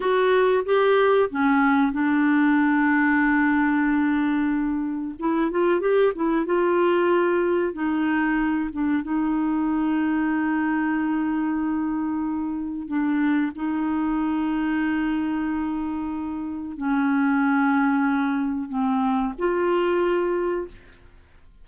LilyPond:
\new Staff \with { instrumentName = "clarinet" } { \time 4/4 \tempo 4 = 93 fis'4 g'4 cis'4 d'4~ | d'1 | e'8 f'8 g'8 e'8 f'2 | dis'4. d'8 dis'2~ |
dis'1 | d'4 dis'2.~ | dis'2 cis'2~ | cis'4 c'4 f'2 | }